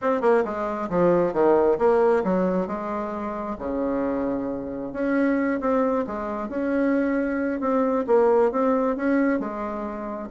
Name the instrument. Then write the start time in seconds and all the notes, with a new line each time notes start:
bassoon
0.01 C4
0.21 A#3
0.44 G#3
0.89 F3
1.33 D#3
1.78 A#3
2.24 F#3
2.67 G#3
3.58 C#3
4.93 C#4
5.60 C4
6.06 G#3
6.48 C#4
7.60 C4
8.06 A#3
8.51 C4
8.96 C#4
9.39 G#3